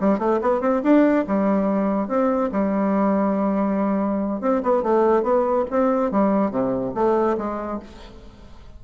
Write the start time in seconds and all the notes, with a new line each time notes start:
0.00 G3
0.18 A3
0.41 B3
0.60 C4
0.83 D4
1.27 G3
2.08 C4
2.52 G3
4.40 C4
4.62 B3
4.83 A3
5.22 B3
5.70 C4
6.11 G3
6.50 C3
6.94 A3
7.37 G#3